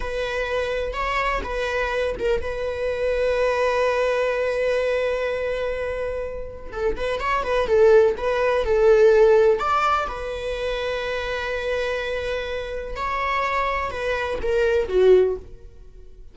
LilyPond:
\new Staff \with { instrumentName = "viola" } { \time 4/4 \tempo 4 = 125 b'2 cis''4 b'4~ | b'8 ais'8 b'2.~ | b'1~ | b'2 a'8 b'8 cis''8 b'8 |
a'4 b'4 a'2 | d''4 b'2.~ | b'2. cis''4~ | cis''4 b'4 ais'4 fis'4 | }